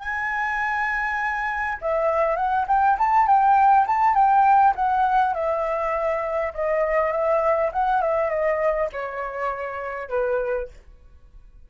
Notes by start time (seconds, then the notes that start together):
0.00 G#5
1.82 E5
2.36 F#5
2.68 G5
2.99 A5
3.27 G5
3.87 A5
4.15 G5
4.76 F#5
5.34 E5
6.54 D#5
7.12 E5
7.73 F#5
8.02 E5
8.30 D#5
8.93 C#5
10.09 B4